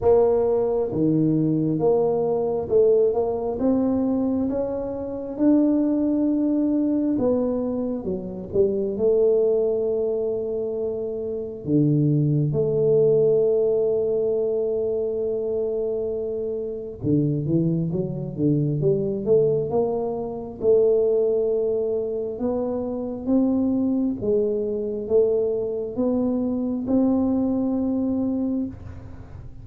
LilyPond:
\new Staff \with { instrumentName = "tuba" } { \time 4/4 \tempo 4 = 67 ais4 dis4 ais4 a8 ais8 | c'4 cis'4 d'2 | b4 fis8 g8 a2~ | a4 d4 a2~ |
a2. d8 e8 | fis8 d8 g8 a8 ais4 a4~ | a4 b4 c'4 gis4 | a4 b4 c'2 | }